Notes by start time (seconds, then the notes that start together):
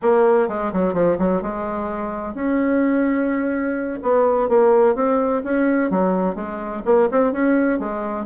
0.02 A#3
0.48 G#3
0.73 F#3
0.93 F3
1.18 F#3
1.42 G#3
2.34 C#4
4.02 B3
4.49 A#3
4.95 C4
5.44 C#4
5.90 F#3
6.35 G#3
6.85 A#3
7.11 C4
7.32 C#4
7.79 G#3